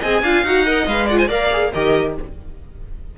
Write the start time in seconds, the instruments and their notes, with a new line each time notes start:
0.00 cello C4, viola G#4, violin D#5 G#5
0.22 cello D4, viola F4, violin F5
0.43 cello D#4, viola F#4, violin F#5
0.65 viola A#4, violin D#5
0.86 cello G#3, viola B4, violin F5
1.06 viola F4, violin D5 F#5
1.18 violin C5 G#5
1.27 cello A#3, viola A#4, violin D5 F5
1.52 viola G#4
1.73 cello D#3, viola G4, violin A#4 D#5